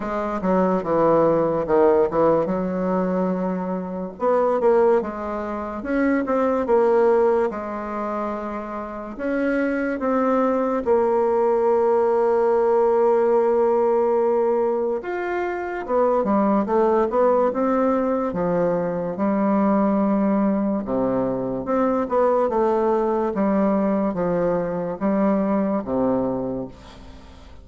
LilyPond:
\new Staff \with { instrumentName = "bassoon" } { \time 4/4 \tempo 4 = 72 gis8 fis8 e4 dis8 e8 fis4~ | fis4 b8 ais8 gis4 cis'8 c'8 | ais4 gis2 cis'4 | c'4 ais2.~ |
ais2 f'4 b8 g8 | a8 b8 c'4 f4 g4~ | g4 c4 c'8 b8 a4 | g4 f4 g4 c4 | }